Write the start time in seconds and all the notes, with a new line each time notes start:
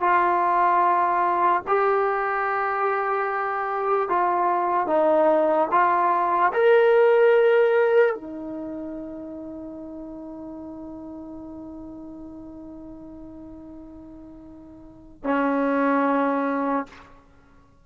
0.00 F4
1.67 G4
4.09 F4
4.87 D#4
5.71 F4
6.53 A#4
8.14 D#4
15.24 C#4